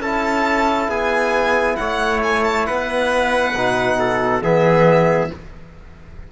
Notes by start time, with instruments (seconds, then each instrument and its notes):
0.00 cello C#4, trombone E4, trumpet A4, violin A5
0.88 cello B3, trumpet G#4, violin G#5
1.76 cello A3, trumpet C#5, violin F#5
2.23 violin G#5
2.44 violin A5
2.66 cello B3, trumpet B4, violin F#5
3.55 cello B2, trombone D#4
3.99 trumpet A4
4.42 cello E3, trombone B3, trumpet G#4, violin E5